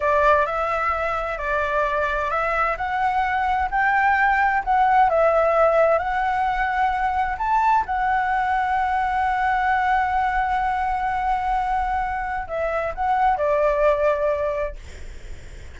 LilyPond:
\new Staff \with { instrumentName = "flute" } { \time 4/4 \tempo 4 = 130 d''4 e''2 d''4~ | d''4 e''4 fis''2 | g''2 fis''4 e''4~ | e''4 fis''2. |
a''4 fis''2.~ | fis''1~ | fis''2. e''4 | fis''4 d''2. | }